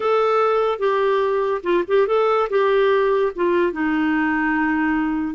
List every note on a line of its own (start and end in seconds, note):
0.00 0.79 A4
0.79 1.61 G4
1.63 1.84 F4
1.87 2.07 G4
2.07 2.48 A4
2.49 3.32 G4
3.35 3.72 F4
3.72 5.34 D#4